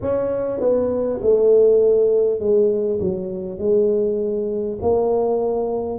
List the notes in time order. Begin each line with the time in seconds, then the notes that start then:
0.01 C#4
0.59 B3
1.21 A3
2.39 G#3
2.99 F#3
3.58 G#3
4.81 A#3